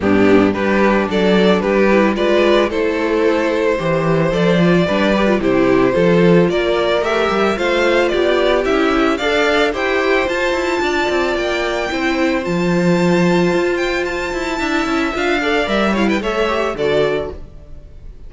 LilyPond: <<
  \new Staff \with { instrumentName = "violin" } { \time 4/4 \tempo 4 = 111 g'4 b'4 d''4 b'4 | d''4 c''2. | d''2 c''2 | d''4 e''4 f''4 d''4 |
e''4 f''4 g''4 a''4~ | a''4 g''2 a''4~ | a''4. g''8 a''2 | f''4 e''8 f''16 g''16 e''4 d''4 | }
  \new Staff \with { instrumentName = "violin" } { \time 4/4 d'4 g'4 a'4 g'4 | b'4 a'2 c''4~ | c''4 b'4 g'4 a'4 | ais'2 c''4 g'4~ |
g'4 d''4 c''2 | d''2 c''2~ | c''2. e''4~ | e''8 d''4 cis''16 b'16 cis''4 a'4 | }
  \new Staff \with { instrumentName = "viola" } { \time 4/4 b4 d'2~ d'8 e'8 | f'4 e'2 g'4 | a'8 f'8 d'8 g'16 f'16 e'4 f'4~ | f'4 g'4 f'2 |
e'4 a'4 g'4 f'4~ | f'2 e'4 f'4~ | f'2. e'4 | f'8 a'8 ais'8 e'8 a'8 g'8 fis'4 | }
  \new Staff \with { instrumentName = "cello" } { \time 4/4 g,4 g4 fis4 g4 | gis4 a2 e4 | f4 g4 c4 f4 | ais4 a8 g8 a4 b4 |
cis'4 d'4 e'4 f'8 e'8 | d'8 c'8 ais4 c'4 f4~ | f4 f'4. e'8 d'8 cis'8 | d'4 g4 a4 d4 | }
>>